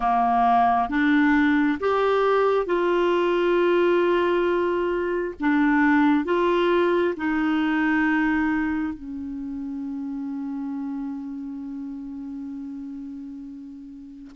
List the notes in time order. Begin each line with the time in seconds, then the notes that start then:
0.00 A#3
0.89 D4
1.80 G4
2.65 F4
5.40 D4
6.24 F4
7.16 D#4
8.93 C#4